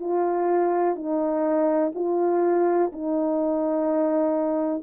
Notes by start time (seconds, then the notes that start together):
0.00 F4
0.95 D#4
1.94 F4
2.93 D#4